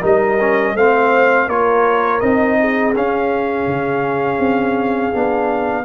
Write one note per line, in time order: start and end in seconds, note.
0.00 0.74 G3
0.00 0.38 D#4
0.00 0.73 A#4
0.00 0.76 D#5
0.39 0.76 C#4
0.74 1.47 A3
0.74 1.49 C4
0.74 1.48 C5
0.74 1.49 F5
1.47 2.20 A#3
1.47 2.21 F4
1.47 2.58 A#4
1.47 2.20 C#5
2.20 2.94 C4
2.20 2.94 D#4
2.20 2.93 D#5
2.60 5.84 G#4
2.94 3.66 C#4
2.94 5.13 C#4
2.94 5.84 F5
3.66 4.38 C#3
4.38 5.12 C4
5.13 5.84 B3
5.13 5.84 D4